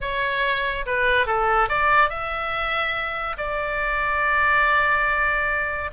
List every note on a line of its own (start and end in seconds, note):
0.01 0.85 C#5
0.86 1.26 B4
1.26 1.68 A4
1.68 2.09 D5
2.09 3.36 E5
3.37 5.91 D5